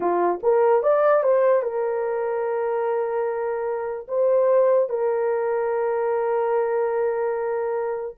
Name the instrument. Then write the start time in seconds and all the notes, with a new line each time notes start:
horn
0.00 F4
0.42 A#4
0.83 D5
1.23 C5
1.62 A#4
4.08 C5
4.89 A#4